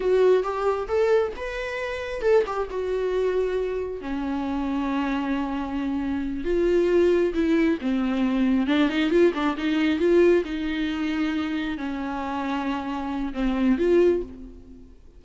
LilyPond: \new Staff \with { instrumentName = "viola" } { \time 4/4 \tempo 4 = 135 fis'4 g'4 a'4 b'4~ | b'4 a'8 g'8 fis'2~ | fis'4 cis'2.~ | cis'2~ cis'8 f'4.~ |
f'8 e'4 c'2 d'8 | dis'8 f'8 d'8 dis'4 f'4 dis'8~ | dis'2~ dis'8 cis'4.~ | cis'2 c'4 f'4 | }